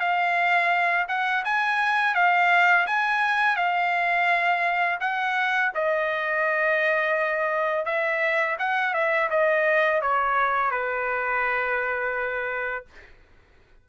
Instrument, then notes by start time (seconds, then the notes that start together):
trumpet
0.00 F5
1.09 F#5
1.45 G#5
2.15 F5
2.87 G#5
3.56 F5
5.01 F#5
5.75 D#5
7.86 E5
8.59 F#5
8.94 E5
9.31 D#5
10.02 C#5
10.72 B4